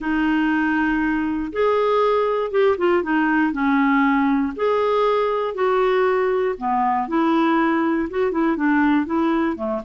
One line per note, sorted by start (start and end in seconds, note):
0.00 1.52 D#4
1.52 2.51 G#4
2.51 2.76 G4
2.77 3.03 F4
3.03 3.52 D#4
3.52 4.53 C#4
4.56 5.54 G#4
5.54 6.55 F#4
6.58 7.07 B3
7.07 8.08 E4
8.09 8.31 F#4
8.31 8.56 E4
8.56 9.05 D4
9.05 9.56 E4
9.56 9.81 A3